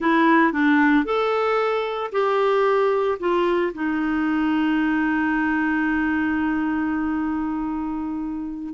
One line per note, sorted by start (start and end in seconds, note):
0.00 0.52 E4
0.52 1.04 D4
1.04 2.10 A4
2.12 3.18 G4
3.19 3.72 F4
3.74 8.74 D#4